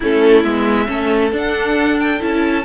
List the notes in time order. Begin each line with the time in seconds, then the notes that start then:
0.00 A3 C#4 E4 A4
0.43 G#3 B3 E5
0.87 A3 C#4 A4
1.32 D4 F#5
1.99 G5
2.19 C#4 E4 A5